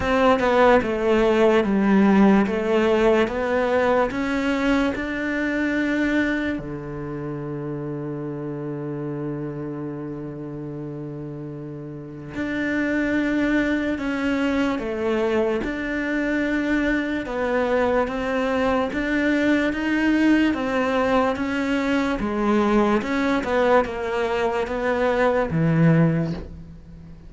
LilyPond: \new Staff \with { instrumentName = "cello" } { \time 4/4 \tempo 4 = 73 c'8 b8 a4 g4 a4 | b4 cis'4 d'2 | d1~ | d2. d'4~ |
d'4 cis'4 a4 d'4~ | d'4 b4 c'4 d'4 | dis'4 c'4 cis'4 gis4 | cis'8 b8 ais4 b4 e4 | }